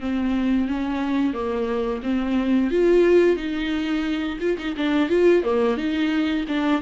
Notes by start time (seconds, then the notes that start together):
0.00 C4
0.68 C#4
1.33 A#3
2.02 C4
2.71 F4
3.36 D#4
4.40 F4
4.58 D#4
4.76 D4
5.09 F4
5.43 A#3
5.77 D#4
6.48 D4